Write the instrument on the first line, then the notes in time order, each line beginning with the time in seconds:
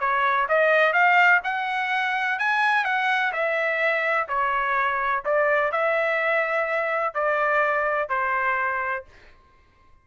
trumpet
0.00 C#5
0.48 D#5
0.93 F5
1.44 F#5
2.39 G#5
2.85 F#5
3.32 E5
4.28 C#5
5.25 D5
5.72 E5
7.14 D5
8.09 C5